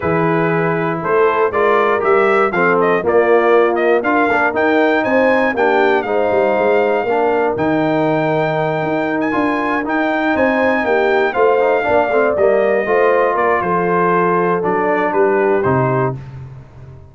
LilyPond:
<<
  \new Staff \with { instrumentName = "trumpet" } { \time 4/4 \tempo 4 = 119 b'2 c''4 d''4 | e''4 f''8 dis''8 d''4. dis''8 | f''4 g''4 gis''4 g''4 | f''2. g''4~ |
g''2~ g''16 gis''4~ gis''16 g''8~ | g''8 gis''4 g''4 f''4.~ | f''8 dis''2 d''8 c''4~ | c''4 d''4 b'4 c''4 | }
  \new Staff \with { instrumentName = "horn" } { \time 4/4 gis'2 a'4 ais'4~ | ais'4 a'4 f'2 | ais'2 c''4 g'4 | c''2 ais'2~ |
ais'1~ | ais'8 c''4 g'4 c''4 d''8~ | d''4. c''4 ais'8 a'4~ | a'2 g'2 | }
  \new Staff \with { instrumentName = "trombone" } { \time 4/4 e'2. f'4 | g'4 c'4 ais2 | f'8 d'8 dis'2 d'4 | dis'2 d'4 dis'4~ |
dis'2~ dis'8 f'4 dis'8~ | dis'2~ dis'8 f'8 dis'8 d'8 | c'8 ais4 f'2~ f'8~ | f'4 d'2 dis'4 | }
  \new Staff \with { instrumentName = "tuba" } { \time 4/4 e2 a4 gis4 | g4 f4 ais2 | d'8 ais8 dis'4 c'4 ais4 | gis8 g8 gis4 ais4 dis4~ |
dis4. dis'4 d'4 dis'8~ | dis'8 c'4 ais4 a4 ais8 | a8 g4 a4 ais8 f4~ | f4 fis4 g4 c4 | }
>>